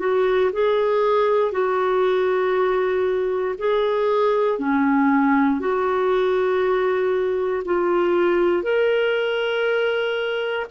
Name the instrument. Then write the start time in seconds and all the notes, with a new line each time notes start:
clarinet
0.00 F#4
0.53 G#4
1.52 F#4
3.58 G#4
4.59 C#4
5.60 F#4
7.65 F4
8.63 A#4